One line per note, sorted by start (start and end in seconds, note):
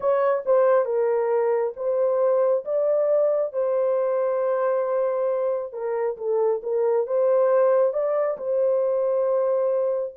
0.00 0.43 C#5
0.45 0.85 C5
0.85 1.73 A#4
1.76 2.64 C5
2.65 3.52 D5
3.52 5.72 C5
5.72 6.16 A#4
6.17 6.61 A4
6.63 7.06 A#4
7.06 7.93 C5
7.93 8.37 D5
8.37 10.14 C5